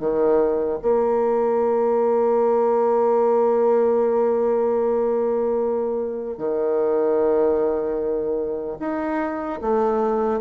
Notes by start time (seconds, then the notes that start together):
0.00 D#3
0.83 A#3
6.38 D#3
8.80 D#4
9.62 A3